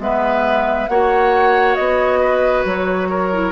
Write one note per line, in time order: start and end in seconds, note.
0.00 0.88 G#3
0.00 0.88 B3
0.00 0.91 B4
0.00 0.88 E5
0.88 1.77 A#3
0.88 3.33 F#4
0.88 2.20 C#5
0.88 1.76 F#5
1.76 2.65 B3
1.76 2.64 D#5
2.20 3.08 B4
2.65 3.52 F#3
2.65 3.52 C#5
3.10 3.52 A#4
3.33 3.52 E4